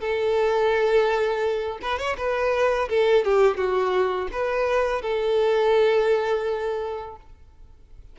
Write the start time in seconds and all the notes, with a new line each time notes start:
0.00 A4
1.82 B4
1.98 C#5
2.17 B4
2.89 A4
3.24 G4
3.56 F#4
4.32 B4
5.02 A4